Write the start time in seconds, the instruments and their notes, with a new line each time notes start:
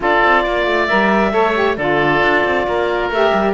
0.00 cello D4, saxophone F4, oboe A4, clarinet D5
0.24 cello C4
0.43 cello A#3, oboe D5
0.66 cello A3
0.86 cello G3, saxophone A#4, clarinet E5
1.31 cello A3, saxophone A4, oboe C#5
1.54 saxophone G4
1.77 cello D3, saxophone F4, oboe A4, clarinet D5
2.22 cello D4
2.44 cello C4
2.67 cello A#3, oboe A#4
3.09 cello A3, saxophone G4, clarinet E5
3.33 cello G3